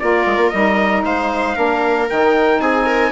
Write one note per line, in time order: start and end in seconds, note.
0.00 0.27 A#3
0.00 0.53 F4
0.00 1.06 A#4
0.00 0.50 D5
0.27 0.37 G#3
0.37 0.50 A#3
0.50 1.05 G3
0.50 1.55 D#4
0.50 1.02 D#5
1.05 1.57 G#3
1.05 1.56 C5
1.05 2.10 F5
1.55 2.10 A#3
1.55 2.07 D4
1.55 2.60 A#4
2.10 2.60 D#3
2.10 3.12 D#4
2.10 2.61 G5
2.60 3.12 C4
2.60 2.86 G#4
2.60 3.12 G#5
2.86 3.12 A#4